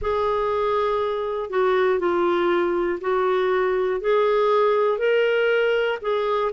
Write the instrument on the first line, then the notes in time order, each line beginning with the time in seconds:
clarinet
0.01 G#4
1.50 F#4
1.99 F4
3.00 F#4
4.00 G#4
4.98 A#4
6.01 G#4